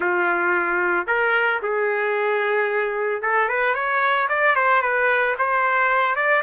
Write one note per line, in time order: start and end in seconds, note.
0.00 1.07 F4
1.07 1.60 A#4
1.62 3.21 G#4
3.21 3.48 A4
3.48 3.74 B4
3.74 4.28 C#5
4.28 4.55 D5
4.55 4.81 C5
4.81 5.35 B4
5.38 6.15 C5
6.15 6.42 D5